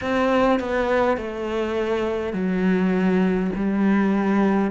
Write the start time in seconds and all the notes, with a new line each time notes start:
0.01 C4
0.59 B3
1.17 A3
2.33 F#3
3.55 G3